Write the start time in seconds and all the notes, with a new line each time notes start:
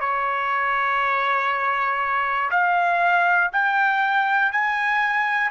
0.00 C#5
2.51 F5
3.52 G5
4.52 G#5